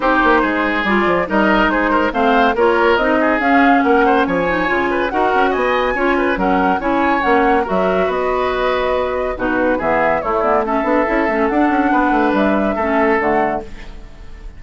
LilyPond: <<
  \new Staff \with { instrumentName = "flute" } { \time 4/4 \tempo 4 = 141 c''2 d''4 dis''4 | c''4 f''4 cis''4 dis''4 | f''4 fis''4 gis''2 | fis''4 gis''2 fis''4 |
gis''4 fis''4 e''4 dis''4~ | dis''2 b'4 e''4 | cis''8 d''8 e''2 fis''4~ | fis''4 e''2 fis''4 | }
  \new Staff \with { instrumentName = "oboe" } { \time 4/4 g'4 gis'2 ais'4 | gis'8 ais'8 c''4 ais'4. gis'8~ | gis'4 ais'8 c''8 cis''4. b'8 | ais'4 dis''4 cis''8 b'8 ais'4 |
cis''2 ais'4 b'4~ | b'2 fis'4 gis'4 | e'4 a'2. | b'2 a'2 | }
  \new Staff \with { instrumentName = "clarinet" } { \time 4/4 dis'2 f'4 dis'4~ | dis'4 c'4 f'4 dis'4 | cis'2~ cis'8 dis'8 f'4 | fis'2 f'4 cis'4 |
e'4 cis'4 fis'2~ | fis'2 dis'4 b4 | a8 b8 cis'8 d'8 e'8 cis'8 d'4~ | d'2 cis'4 a4 | }
  \new Staff \with { instrumentName = "bassoon" } { \time 4/4 c'8 ais8 gis4 g8 f8 g4 | gis4 a4 ais4 c'4 | cis'4 ais4 f4 cis4 | dis'8 cis'8 b4 cis'4 fis4 |
cis'4 ais4 fis4 b4~ | b2 b,4 e4 | a4. b8 cis'8 a8 d'8 cis'8 | b8 a8 g4 a4 d4 | }
>>